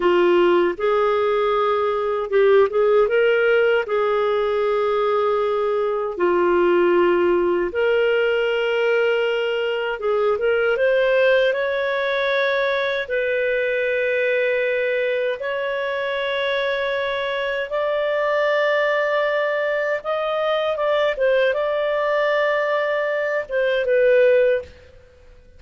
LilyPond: \new Staff \with { instrumentName = "clarinet" } { \time 4/4 \tempo 4 = 78 f'4 gis'2 g'8 gis'8 | ais'4 gis'2. | f'2 ais'2~ | ais'4 gis'8 ais'8 c''4 cis''4~ |
cis''4 b'2. | cis''2. d''4~ | d''2 dis''4 d''8 c''8 | d''2~ d''8 c''8 b'4 | }